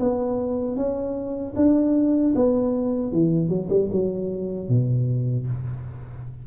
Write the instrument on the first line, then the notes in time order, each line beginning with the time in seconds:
tuba
0.00 B3
0.77 C#4
1.56 D4
2.36 B3
3.12 E3
3.49 F#3
3.70 G3
3.92 F#3
4.69 B2